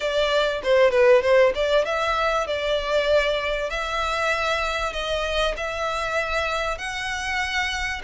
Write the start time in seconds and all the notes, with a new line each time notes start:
0.00 D5
0.63 C5
0.91 B4
1.21 C5
1.54 D5
1.85 E5
2.46 D5
3.70 E5
4.93 D#5
5.57 E5
6.78 F#5